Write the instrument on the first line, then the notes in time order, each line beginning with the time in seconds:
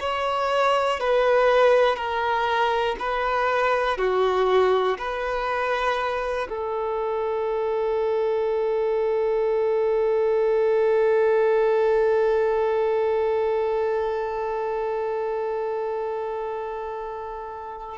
violin
0.00 C#5
1.00 B4
1.95 A#4
2.99 B4
3.98 F#4
4.98 B4
6.49 A4